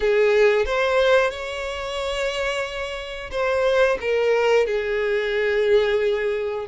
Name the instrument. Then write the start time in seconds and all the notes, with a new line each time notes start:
violin
0.00 G#4
0.65 C5
1.30 C#5
3.31 C5
4.00 A#4
4.66 G#4